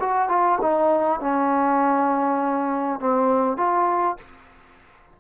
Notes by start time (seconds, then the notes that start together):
0.00 F#4
0.29 F4
0.62 D#4
1.20 C#4
3.00 C4
3.57 F4